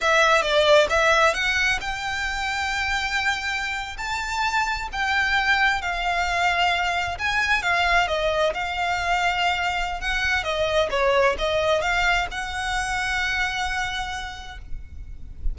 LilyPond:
\new Staff \with { instrumentName = "violin" } { \time 4/4 \tempo 4 = 132 e''4 d''4 e''4 fis''4 | g''1~ | g''8. a''2 g''4~ g''16~ | g''8. f''2. gis''16~ |
gis''8. f''4 dis''4 f''4~ f''16~ | f''2 fis''4 dis''4 | cis''4 dis''4 f''4 fis''4~ | fis''1 | }